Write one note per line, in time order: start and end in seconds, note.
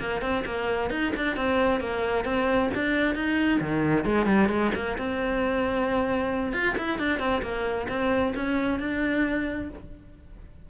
0.00 0.22 A#3
0.22 0.44 C4
0.46 0.91 A#3
0.91 1.13 D#4
1.17 1.37 D4
1.37 1.81 C4
1.81 2.25 A#3
2.25 2.70 C4
2.75 3.15 D4
3.15 3.60 D#4
3.61 4.06 D#3
4.06 4.26 G#3
4.26 4.49 G3
4.49 4.71 G#3
4.76 4.98 A#3
4.98 6.54 C4
6.54 6.76 F4
6.78 6.99 E4
6.99 7.20 D4
7.20 7.42 C4
7.43 7.88 A#3
7.89 8.34 C4
8.36 8.80 C#4
8.80 9.70 D4